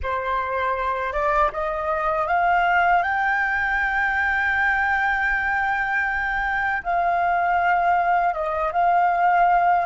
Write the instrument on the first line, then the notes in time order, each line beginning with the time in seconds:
flute
0.02 C5
1.13 D5
1.53 D#5
2.27 F5
3.02 G5
6.83 F5
8.34 D#5
8.72 F5